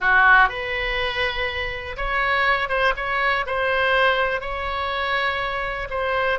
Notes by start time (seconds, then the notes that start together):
0.00 F#4
0.49 B4
1.96 C#5
2.68 C5
2.96 C#5
3.46 C5
4.40 C#5
5.90 C5